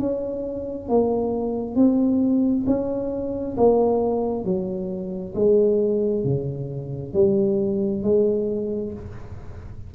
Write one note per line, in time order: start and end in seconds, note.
0.00 0.89 C#4
0.89 1.76 A#3
1.76 2.65 C4
2.67 3.57 C#4
3.57 4.45 A#3
4.45 5.34 F#3
5.35 6.25 G#3
6.25 7.14 C#3
7.14 8.04 G3
8.04 8.93 G#3